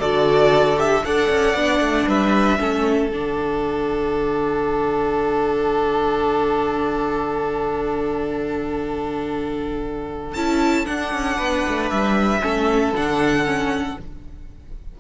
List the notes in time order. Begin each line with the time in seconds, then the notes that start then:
0.00 D3 F#4 A4 D5
0.77 G4 E5
1.05 D4 A4 D5 F#5
1.29 C#4
1.54 B3 D4
1.80 A3
2.07 G3 B4 E5
2.58 A3 C#4 A4
3.10 D3 D4 F#5
10.34 C#4 E4 A5
10.85 D4 F#5
11.13 C#4
11.37 B3 B4
11.68 A3
11.90 G3 E5
12.41 A3 C#4 A4
12.93 D3 D4 F#5
13.45 C#4